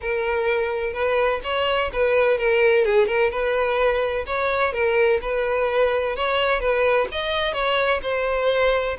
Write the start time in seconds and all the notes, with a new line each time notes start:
0.01 A#4
0.93 B4
1.43 C#5
1.92 B4
2.38 A#4
2.85 G#4
3.07 A#4
3.30 B4
4.26 C#5
4.72 A#4
5.21 B4
6.15 C#5
6.60 B4
7.11 D#5
7.53 C#5
8.02 C5